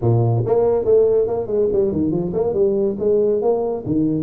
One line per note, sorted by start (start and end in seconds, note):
0.01 0.44 A#2
0.46 0.84 A#3
0.84 1.27 A3
1.27 1.47 A#3
1.47 1.68 G#3
1.72 1.92 G3
1.92 2.11 D#3
2.11 2.32 F3
2.33 2.53 A#3
2.53 2.96 G3
2.99 3.41 G#3
3.41 3.84 A#3
3.85 4.22 D#3